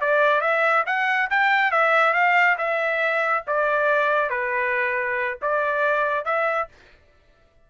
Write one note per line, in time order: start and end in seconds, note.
0.00 0.41 D5
0.41 0.84 E5
0.86 1.29 F#5
1.30 1.71 G5
1.71 2.13 E5
2.13 2.56 F5
2.57 3.44 E5
3.47 4.29 D5
4.29 5.37 B4
5.41 6.25 D5
6.25 6.68 E5